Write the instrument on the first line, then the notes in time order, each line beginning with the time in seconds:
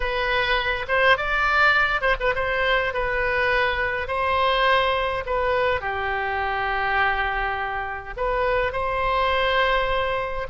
oboe
0.00 B4
0.88 C5
1.17 D5
2.01 C5
2.20 B4
2.35 C5
2.93 B4
4.07 C5
5.26 B4
5.81 G4
8.16 B4
8.72 C5